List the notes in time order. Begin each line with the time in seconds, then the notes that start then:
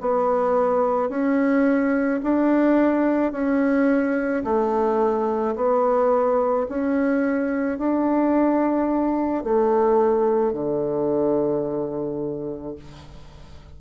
0.00 B3
1.09 C#4
2.23 D4
3.32 C#4
4.44 A3
5.56 B3
6.69 C#4
7.78 D4
9.43 A3
10.53 D3